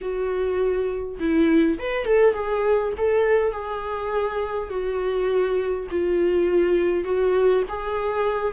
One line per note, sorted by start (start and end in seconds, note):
0.01 1.18 F#4
1.19 1.78 E4
1.79 2.05 B4
2.05 2.33 A4
2.33 2.92 G#4
2.97 3.51 A4
3.51 4.69 G#4
4.69 5.87 F#4
5.90 7.04 F4
7.04 7.63 F#4
7.68 8.53 G#4